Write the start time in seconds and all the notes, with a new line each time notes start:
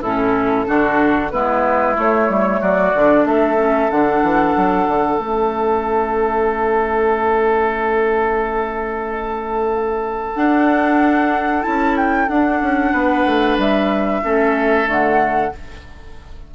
0.00 A2 C#4 E4 A4
0.66 D3 D4 F#4
1.30 G#3 B3 E4 B4
1.95 A3 C#5
2.28 G3
2.60 F#3 F#4 D5
2.94 D3 D4
3.25 A3 A4 E5
3.57 C#4
3.90 D3 D4 F#5
4.22 E3
4.56 F#3
4.87 D3
5.18 A3 C#4 E5
10.35 D4 F#5
11.62 C#4 E4 A5
11.96 G5
12.28 D4 F#5
12.62 C#4
12.91 B3 B4
13.25 A3
13.57 G3 E5
14.23 A3 C#4 A4
14.85 D3 A3 F#5